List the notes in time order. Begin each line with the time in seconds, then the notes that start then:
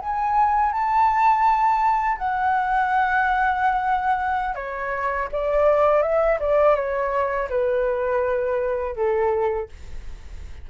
0.00 G#5
0.73 A5
2.18 F#5
4.55 C#5
5.32 D5
6.02 E5
6.40 D5
6.75 C#5
7.49 B4
8.96 A4